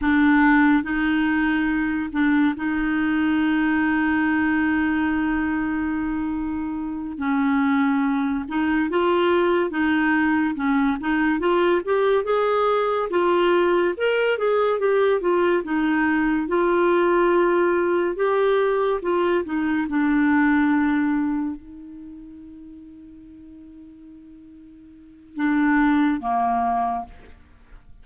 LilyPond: \new Staff \with { instrumentName = "clarinet" } { \time 4/4 \tempo 4 = 71 d'4 dis'4. d'8 dis'4~ | dis'1~ | dis'8 cis'4. dis'8 f'4 dis'8~ | dis'8 cis'8 dis'8 f'8 g'8 gis'4 f'8~ |
f'8 ais'8 gis'8 g'8 f'8 dis'4 f'8~ | f'4. g'4 f'8 dis'8 d'8~ | d'4. dis'2~ dis'8~ | dis'2 d'4 ais4 | }